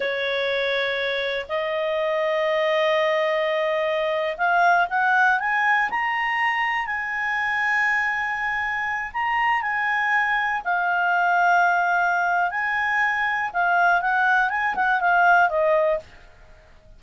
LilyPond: \new Staff \with { instrumentName = "clarinet" } { \time 4/4 \tempo 4 = 120 cis''2. dis''4~ | dis''1~ | dis''8. f''4 fis''4 gis''4 ais''16~ | ais''4.~ ais''16 gis''2~ gis''16~ |
gis''2~ gis''16 ais''4 gis''8.~ | gis''4~ gis''16 f''2~ f''8.~ | f''4 gis''2 f''4 | fis''4 gis''8 fis''8 f''4 dis''4 | }